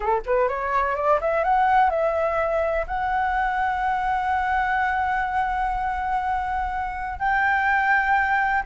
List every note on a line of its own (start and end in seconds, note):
0.00 0.21 A4
0.25 0.48 B4
0.48 0.95 C#5
0.95 1.19 D5
1.20 1.44 E5
1.44 1.90 F#5
1.90 2.86 E5
2.87 7.19 F#5
7.19 8.63 G5